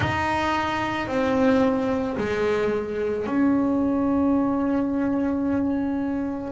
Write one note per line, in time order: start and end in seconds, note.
0.00 1.07 D#4
1.07 2.16 C4
2.17 3.26 G#3
3.26 6.52 C#4